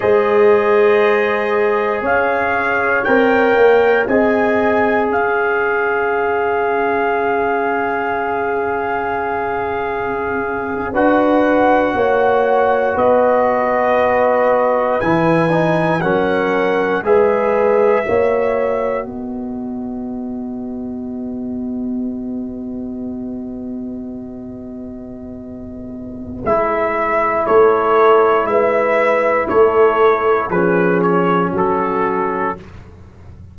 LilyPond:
<<
  \new Staff \with { instrumentName = "trumpet" } { \time 4/4 \tempo 4 = 59 dis''2 f''4 g''4 | gis''4 f''2.~ | f''2~ f''8. fis''4~ fis''16~ | fis''8. dis''2 gis''4 fis''16~ |
fis''8. e''2 dis''4~ dis''16~ | dis''1~ | dis''2 e''4 cis''4 | e''4 cis''4 b'8 cis''8 a'4 | }
  \new Staff \with { instrumentName = "horn" } { \time 4/4 c''2 cis''2 | dis''4 cis''2.~ | cis''2~ cis''8. b'4 cis''16~ | cis''8. b'2. ais'16~ |
ais'8. b'4 cis''4 b'4~ b'16~ | b'1~ | b'2. a'4 | b'4 a'4 gis'4 fis'4 | }
  \new Staff \with { instrumentName = "trombone" } { \time 4/4 gis'2. ais'4 | gis'1~ | gis'2~ gis'8. fis'4~ fis'16~ | fis'2~ fis'8. e'8 dis'8 cis'16~ |
cis'8. gis'4 fis'2~ fis'16~ | fis'1~ | fis'2 e'2~ | e'2 cis'2 | }
  \new Staff \with { instrumentName = "tuba" } { \time 4/4 gis2 cis'4 c'8 ais8 | c'4 cis'2.~ | cis'2~ cis'8. d'4 ais16~ | ais8. b2 e4 fis16~ |
fis8. gis4 ais4 b4~ b16~ | b1~ | b2 gis4 a4 | gis4 a4 f4 fis4 | }
>>